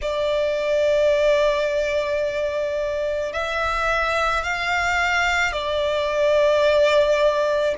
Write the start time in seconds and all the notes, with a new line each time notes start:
0.02 D5
3.32 E5
4.43 F5
5.52 D5